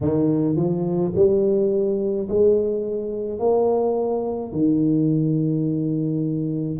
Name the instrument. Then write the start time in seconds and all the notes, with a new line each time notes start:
tuba
0.01 D#3
0.56 F3
1.15 G3
2.28 G#3
3.39 A#3
4.52 D#3